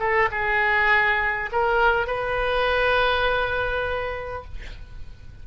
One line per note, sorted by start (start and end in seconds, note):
0.00 0.30 A4
0.32 1.50 G#4
1.53 2.07 A#4
2.07 4.45 B4